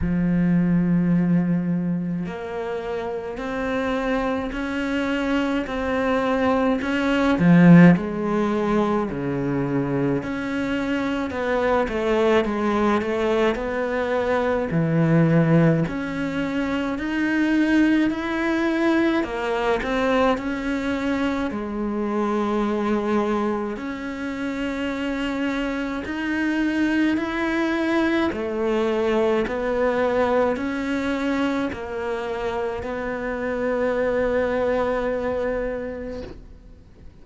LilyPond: \new Staff \with { instrumentName = "cello" } { \time 4/4 \tempo 4 = 53 f2 ais4 c'4 | cis'4 c'4 cis'8 f8 gis4 | cis4 cis'4 b8 a8 gis8 a8 | b4 e4 cis'4 dis'4 |
e'4 ais8 c'8 cis'4 gis4~ | gis4 cis'2 dis'4 | e'4 a4 b4 cis'4 | ais4 b2. | }